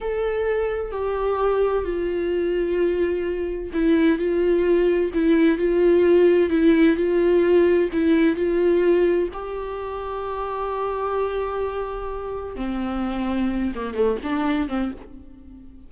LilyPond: \new Staff \with { instrumentName = "viola" } { \time 4/4 \tempo 4 = 129 a'2 g'2 | f'1 | e'4 f'2 e'4 | f'2 e'4 f'4~ |
f'4 e'4 f'2 | g'1~ | g'2. c'4~ | c'4. ais8 a8 d'4 c'8 | }